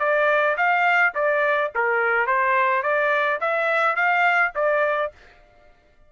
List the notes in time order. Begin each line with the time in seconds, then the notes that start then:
0.00 D5
0.57 F5
1.15 D5
1.76 A#4
2.27 C5
2.83 D5
3.41 E5
3.96 F5
4.56 D5